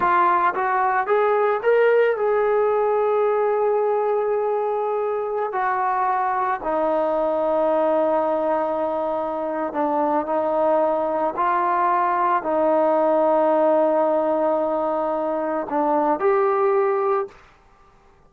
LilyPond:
\new Staff \with { instrumentName = "trombone" } { \time 4/4 \tempo 4 = 111 f'4 fis'4 gis'4 ais'4 | gis'1~ | gis'2~ gis'16 fis'4.~ fis'16~ | fis'16 dis'2.~ dis'8.~ |
dis'2 d'4 dis'4~ | dis'4 f'2 dis'4~ | dis'1~ | dis'4 d'4 g'2 | }